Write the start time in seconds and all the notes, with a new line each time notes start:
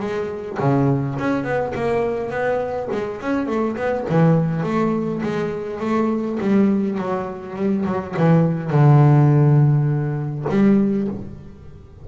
0.00 G#3
0.60 C#3
1.19 C#4
1.44 B3
1.75 A#3
2.31 B3
2.92 G#3
3.21 C#4
3.47 A3
3.77 B3
4.10 E3
4.63 A3
5.23 G#3
5.80 A3
6.41 G3
6.98 F#3
7.56 G3
7.86 F#3
8.17 E3
8.71 D3
10.50 G3